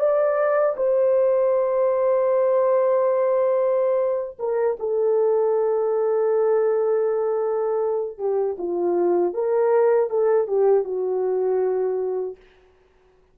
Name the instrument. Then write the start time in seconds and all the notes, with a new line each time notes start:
horn
0.00 D5
0.77 C5
4.39 A#4
4.80 A4
8.19 G4
8.59 F4
9.34 A#4
10.10 A4
10.48 G4
10.85 F#4